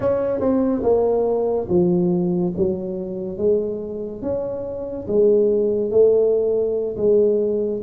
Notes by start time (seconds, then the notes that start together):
0.00 C#4
0.40 C4
0.82 A#3
1.69 F3
2.57 F#3
3.37 G#3
4.22 C#4
5.07 G#3
5.90 A3
6.96 G#3